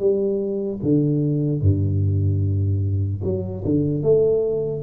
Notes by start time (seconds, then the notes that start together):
0.00 G3
0.83 D3
1.62 G2
3.24 F#3
3.65 D3
4.03 A3